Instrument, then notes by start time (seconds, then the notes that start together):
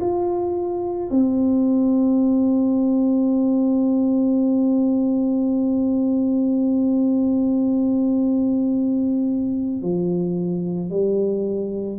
tuba
0.00 F4
1.10 C4
9.81 F3
10.90 G3